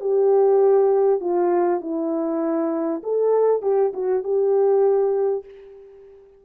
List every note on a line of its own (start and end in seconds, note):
0.00 1.20 G4
1.20 1.81 F4
1.81 3.02 E4
3.03 3.62 A4
3.62 3.92 G4
3.93 4.23 F#4
4.23 5.45 G4